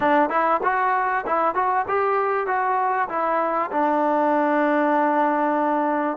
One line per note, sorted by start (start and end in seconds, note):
0.00 0.30 D4
0.30 0.60 E4
0.63 1.25 F#4
1.26 1.54 E4
1.54 1.85 F#4
1.88 2.46 G4
2.46 3.08 F#4
3.08 3.70 E4
3.71 6.17 D4